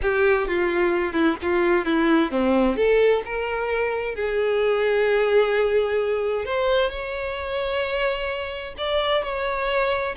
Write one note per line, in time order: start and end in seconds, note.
0.02 0.47 G4
0.47 1.12 F4
1.12 1.36 E4
1.42 1.85 F4
1.85 2.31 E4
2.31 2.76 C4
2.76 3.22 A4
3.25 4.15 A#4
4.15 6.45 G#4
6.45 6.89 C5
6.89 8.74 C#5
8.77 9.23 D5
9.23 10.15 C#5